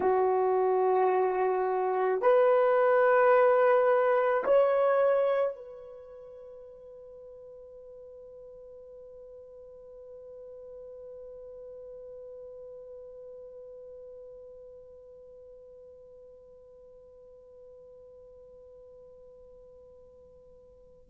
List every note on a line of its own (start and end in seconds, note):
0.00 2.21 F#4
2.21 4.43 B4
4.44 5.55 C#5
5.55 21.10 B4